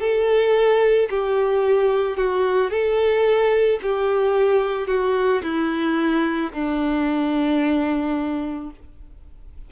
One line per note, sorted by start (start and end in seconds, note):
0.00 1.09 A4
1.10 2.17 G4
2.17 2.70 F#4
2.70 3.79 A4
3.82 4.87 G4
4.87 5.42 F#4
5.43 6.52 E4
6.53 8.71 D4